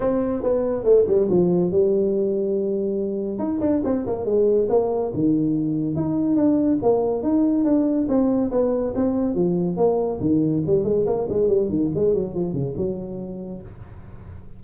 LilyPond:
\new Staff \with { instrumentName = "tuba" } { \time 4/4 \tempo 4 = 141 c'4 b4 a8 g8 f4 | g1 | dis'8 d'8 c'8 ais8 gis4 ais4 | dis2 dis'4 d'4 |
ais4 dis'4 d'4 c'4 | b4 c'4 f4 ais4 | dis4 g8 gis8 ais8 gis8 g8 dis8 | gis8 fis8 f8 cis8 fis2 | }